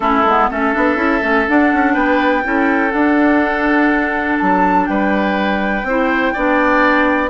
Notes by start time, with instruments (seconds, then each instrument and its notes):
0.00 bassoon A3, clarinet C#4, oboe E4, flute A4
0.24 bassoon G#3, clarinet B3
0.50 bassoon A3, clarinet C#4, oboe A4, flute E5
0.73 bassoon B3, clarinet D4
0.96 bassoon C#4, clarinet E4
1.21 bassoon A3, clarinet C#4
1.47 clarinet D4, bassoon D4, flute F#5
1.73 bassoon C#4
1.93 bassoon B3, oboe B4, flute G5
2.43 bassoon C#4, clarinet E4, oboe A4
2.90 clarinet D4, bassoon D4, flute F#5
4.38 bassoon F#3, flute A5
4.86 bassoon G3, oboe B4, flute G5
5.83 bassoon C4, clarinet E4, oboe C5
6.33 bassoon B3, clarinet D4, oboe D5